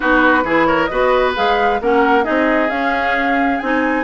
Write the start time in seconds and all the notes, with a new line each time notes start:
0.00 B3 D#4 F#4 B4
0.43 E3 E4 G#4
0.65 A#4 C#5
0.85 B3 F#4 B4 D#5
1.35 G#3 G#4 F5
1.80 A#3 C#4 A#4 F#5
2.23 C4 D#4 G#4 D#5
2.69 C#4 F5
3.59 C4 D#4 G#5